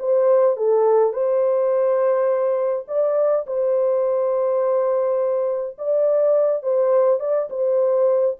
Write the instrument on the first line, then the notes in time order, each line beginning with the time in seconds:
horn
0.00 C5
0.57 A4
1.13 C5
2.88 D5
3.47 C5
5.78 D5
6.63 C5
7.20 D5
7.51 C5